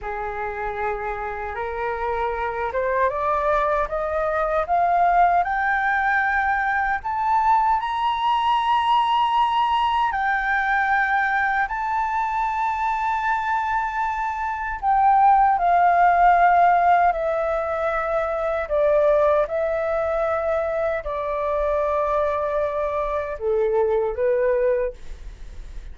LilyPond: \new Staff \with { instrumentName = "flute" } { \time 4/4 \tempo 4 = 77 gis'2 ais'4. c''8 | d''4 dis''4 f''4 g''4~ | g''4 a''4 ais''2~ | ais''4 g''2 a''4~ |
a''2. g''4 | f''2 e''2 | d''4 e''2 d''4~ | d''2 a'4 b'4 | }